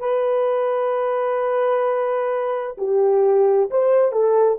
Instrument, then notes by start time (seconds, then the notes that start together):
horn
0.00 B4
2.78 G4
3.70 C5
4.12 A4